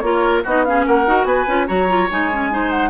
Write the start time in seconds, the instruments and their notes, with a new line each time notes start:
0.00 bassoon A#3, clarinet F4, oboe A#4, flute C#5
0.43 bassoon B3, clarinet D#4, oboe F#4, flute D#5
0.65 clarinet C#4, oboe G#4, flute F5
0.86 bassoon A#3, oboe A#4, flute F#5
1.06 bassoon D#4, clarinet F#4
1.24 bassoon B3, oboe B4, flute G#5
1.48 bassoon C#4, clarinet F4
1.67 bassoon F#3, clarinet F#4, oboe C#5, flute A#5
1.88 clarinet F4
2.10 bassoon G#3, clarinet D#4, flute G#5
2.32 clarinet C#4
2.51 clarinet D#4, oboe C5
2.70 flute F#5